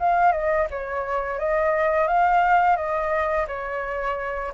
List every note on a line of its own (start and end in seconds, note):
0.00 0.33 F5
0.33 0.68 D#5
0.71 1.40 C#5
1.40 2.08 D#5
2.08 2.77 F5
2.77 3.47 D#5
3.48 4.53 C#5